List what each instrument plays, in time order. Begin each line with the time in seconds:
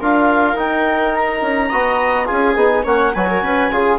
0.00 bassoon D4, trombone F4, viola A#4, clarinet F5
0.54 bassoon D#4, trombone D#4, clarinet G5
1.15 clarinet A#5
1.41 bassoon C#4
1.69 bassoon B3, trombone F#4, viola D#5
2.25 bassoon C#4, trombone F4, viola G#4, clarinet G#5
2.55 bassoon B3, trombone D#4
2.83 bassoon A#3, trombone C#4, viola C#5, clarinet F#5
3.14 bassoon F#3, trombone F#4, viola B4, clarinet G#5
3.29 viola A#4
3.42 bassoon C#4, viola B4
3.71 bassoon C#3, trombone F4, viola G#4